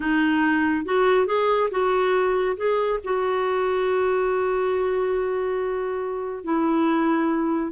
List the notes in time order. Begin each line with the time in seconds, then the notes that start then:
0.00 D#4
0.85 F#4
1.26 G#4
1.70 F#4
2.56 G#4
3.04 F#4
6.44 E4